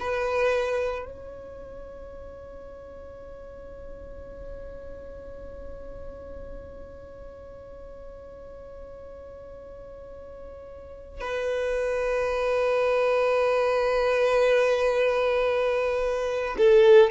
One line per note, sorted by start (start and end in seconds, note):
0.00 1.05 B4
1.05 11.21 C#5
11.21 16.56 B4
16.58 17.10 A4